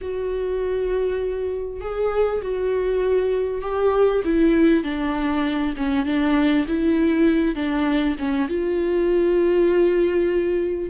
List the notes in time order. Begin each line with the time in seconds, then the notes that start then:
0.01 F#4
1.80 G#4
2.42 F#4
3.61 G4
4.24 E4
4.83 D4
5.76 C#4
6.05 D4
6.67 E4
7.55 D4
8.18 C#4
8.48 F4